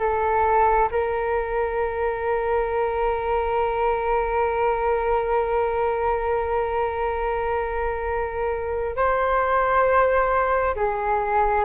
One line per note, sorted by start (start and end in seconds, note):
0.00 0.90 A4
0.92 8.97 A#4
8.97 10.76 C5
10.76 11.65 G#4